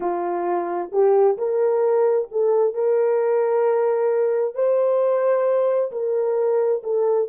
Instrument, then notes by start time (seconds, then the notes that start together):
horn
0.00 F4
0.91 G4
1.37 A#4
2.31 A4
2.74 A#4
4.55 C5
5.91 A#4
6.83 A4